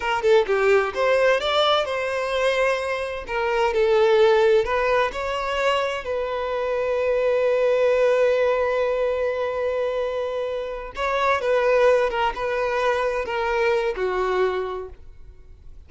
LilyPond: \new Staff \with { instrumentName = "violin" } { \time 4/4 \tempo 4 = 129 ais'8 a'8 g'4 c''4 d''4 | c''2. ais'4 | a'2 b'4 cis''4~ | cis''4 b'2.~ |
b'1~ | b'2.~ b'8 cis''8~ | cis''8 b'4. ais'8 b'4.~ | b'8 ais'4. fis'2 | }